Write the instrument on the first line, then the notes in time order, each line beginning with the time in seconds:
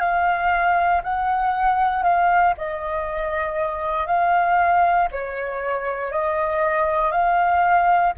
flute
0.00 F5
1.04 F#5
2.03 F5
2.57 D#5
4.07 F5
5.12 C#5
6.12 D#5
7.11 F5